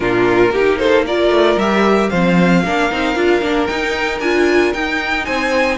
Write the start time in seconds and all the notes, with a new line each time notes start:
0.00 A#2 D4 F4 A#4
0.51 A#3 D#4 G4
0.78 A4 C5
1.06 F4 A#4 D5
1.29 A3
1.56 G3 G4 E5
2.09 F3 C4 C5 F5
2.64 A#3 D4 A#4
2.91 C4 D#4
3.15 D4 F4
3.41 A#3 D4
3.66 D#4 G5
4.19 D4 F4 G#5
4.73 D#4 G5
5.25 C4 C5 G#5